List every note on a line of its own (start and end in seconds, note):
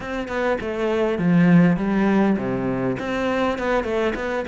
0.00 0.28 C4
0.28 0.57 B3
0.60 1.18 A3
1.18 1.77 F3
1.77 2.36 G3
2.37 2.96 C3
2.99 3.58 C4
3.58 3.84 B3
3.84 4.13 A3
4.15 4.44 B3